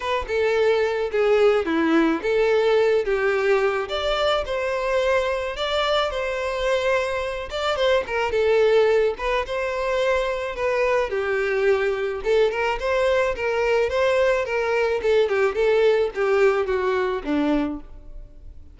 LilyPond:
\new Staff \with { instrumentName = "violin" } { \time 4/4 \tempo 4 = 108 b'8 a'4. gis'4 e'4 | a'4. g'4. d''4 | c''2 d''4 c''4~ | c''4. d''8 c''8 ais'8 a'4~ |
a'8 b'8 c''2 b'4 | g'2 a'8 ais'8 c''4 | ais'4 c''4 ais'4 a'8 g'8 | a'4 g'4 fis'4 d'4 | }